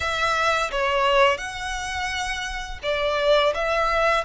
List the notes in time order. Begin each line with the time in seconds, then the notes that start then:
0.00 E5
0.71 C#5
1.37 F#5
2.82 D5
3.54 E5